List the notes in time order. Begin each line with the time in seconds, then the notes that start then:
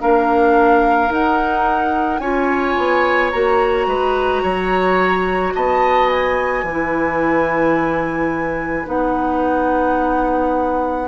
0.00 A#3 D4 A#4 F5
1.09 D#4 F#5
2.19 C#4 F4 C#5 G#5
2.77 B3
3.30 A#3 F#4 A#5
3.86 G#3 B4
4.42 F#3 C#5
5.55 B3 D#5 A5
6.09 G#5
6.63 E3 B4
6.70 E4
8.85 B3 D#4 F#5